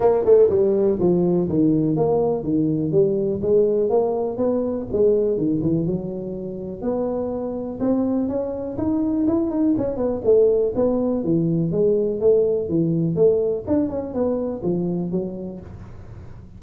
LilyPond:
\new Staff \with { instrumentName = "tuba" } { \time 4/4 \tempo 4 = 123 ais8 a8 g4 f4 dis4 | ais4 dis4 g4 gis4 | ais4 b4 gis4 dis8 e8 | fis2 b2 |
c'4 cis'4 dis'4 e'8 dis'8 | cis'8 b8 a4 b4 e4 | gis4 a4 e4 a4 | d'8 cis'8 b4 f4 fis4 | }